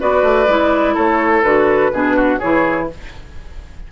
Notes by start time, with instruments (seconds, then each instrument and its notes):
0.00 bassoon B3, clarinet F#4, oboe B4, flute D5
0.23 bassoon A3
0.48 bassoon G#3, clarinet E4
0.95 bassoon A3, oboe A4, flute C#5
1.43 bassoon D3, clarinet F#4, flute B4
1.93 bassoon B2, clarinet D4, oboe G#4
2.17 oboe F#4
2.40 bassoon E3, clarinet E4, oboe G#4, flute C#5